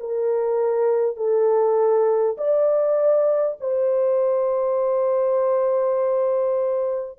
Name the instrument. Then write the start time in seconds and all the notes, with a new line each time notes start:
horn
0.00 A#4
1.16 A4
2.38 D5
3.61 C5